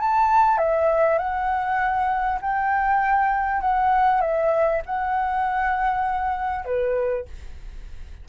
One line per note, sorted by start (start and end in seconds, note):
0.00 0.58 A5
0.58 1.18 E5
1.18 2.40 F#5
2.42 3.61 G5
3.61 4.21 F#5
4.21 4.82 E5
4.86 6.65 F#5
6.65 7.26 B4